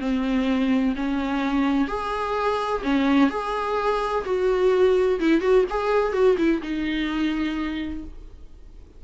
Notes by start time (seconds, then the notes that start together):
0.00 C4
0.96 C#4
1.88 G#4
2.83 C#4
3.30 G#4
4.25 F#4
5.20 E4
5.41 F#4
5.70 G#4
6.13 F#4
6.38 E4
6.62 D#4